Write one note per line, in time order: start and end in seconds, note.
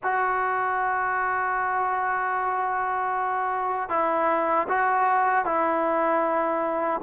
0.03 3.89 F#4
3.89 4.67 E4
4.68 5.45 F#4
5.45 7.01 E4